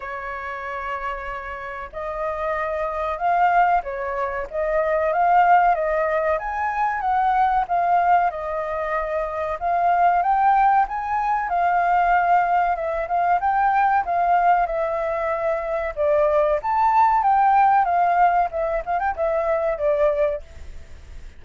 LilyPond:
\new Staff \with { instrumentName = "flute" } { \time 4/4 \tempo 4 = 94 cis''2. dis''4~ | dis''4 f''4 cis''4 dis''4 | f''4 dis''4 gis''4 fis''4 | f''4 dis''2 f''4 |
g''4 gis''4 f''2 | e''8 f''8 g''4 f''4 e''4~ | e''4 d''4 a''4 g''4 | f''4 e''8 f''16 g''16 e''4 d''4 | }